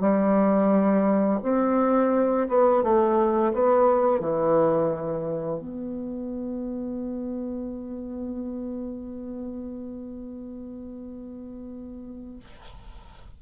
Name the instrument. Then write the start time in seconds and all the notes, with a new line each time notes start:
bassoon
0.00 G3
1.43 C4
2.48 B3
2.83 A3
3.53 B3
4.20 E3
5.59 B3